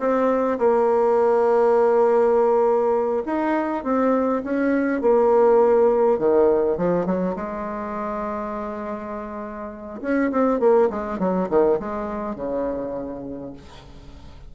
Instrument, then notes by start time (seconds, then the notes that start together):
bassoon
0.00 C4
0.59 A#3
3.26 D#4
3.84 C4
4.44 C#4
5.02 A#3
6.19 D#3
6.78 F3
7.06 F#3
7.36 G#3
10.02 C#4
10.32 C4
10.60 A#3
10.90 G#3
11.20 F#3
11.50 D#3
11.80 G#3
12.36 C#3